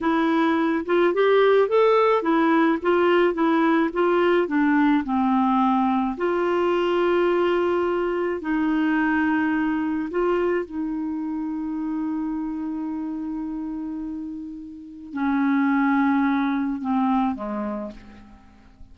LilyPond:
\new Staff \with { instrumentName = "clarinet" } { \time 4/4 \tempo 4 = 107 e'4. f'8 g'4 a'4 | e'4 f'4 e'4 f'4 | d'4 c'2 f'4~ | f'2. dis'4~ |
dis'2 f'4 dis'4~ | dis'1~ | dis'2. cis'4~ | cis'2 c'4 gis4 | }